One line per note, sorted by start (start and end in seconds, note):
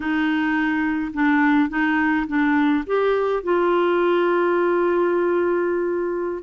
0.00 1.12 D#4
1.13 1.69 D4
1.69 2.26 D#4
2.27 2.84 D4
2.86 3.43 G4
3.43 6.43 F4